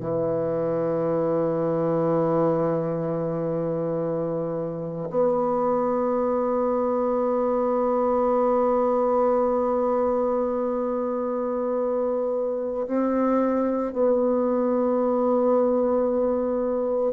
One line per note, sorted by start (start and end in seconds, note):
0.00 5.09 E3
5.10 12.87 B3
12.87 13.93 C4
13.93 17.12 B3